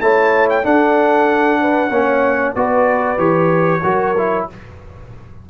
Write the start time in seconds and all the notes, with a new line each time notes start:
0.00 A3 E4 C#5 A5
0.49 G5
0.63 D4 A4 F#5
1.60 B4
1.89 A#3 C#4 C#5
2.55 B3 F#4 B4 D5
3.17 E3 G4 C#5
3.83 F#3 F#4 A#4
4.17 E4